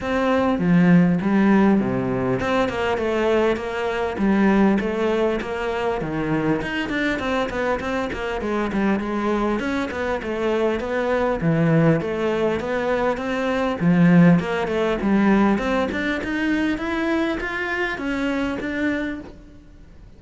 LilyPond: \new Staff \with { instrumentName = "cello" } { \time 4/4 \tempo 4 = 100 c'4 f4 g4 c4 | c'8 ais8 a4 ais4 g4 | a4 ais4 dis4 dis'8 d'8 | c'8 b8 c'8 ais8 gis8 g8 gis4 |
cis'8 b8 a4 b4 e4 | a4 b4 c'4 f4 | ais8 a8 g4 c'8 d'8 dis'4 | e'4 f'4 cis'4 d'4 | }